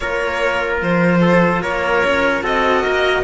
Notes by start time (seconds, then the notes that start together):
0.00 A#3 F4 A#4 C#5
0.81 F3 C5
1.21 A4
1.62 A#3 A#4 C#5
2.05 C#4
2.42 C4 F#4 A4 D#5
2.82 A#3 A#4